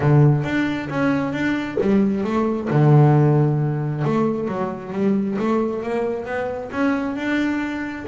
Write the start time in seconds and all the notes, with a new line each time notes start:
0.00 D3
0.44 D4
0.89 C#4
1.32 D4
1.80 G3
2.24 A3
2.70 D3
4.04 A3
4.48 F#3
4.92 G3
5.38 A3
5.82 A#3
6.25 B3
6.71 C#4
7.16 D4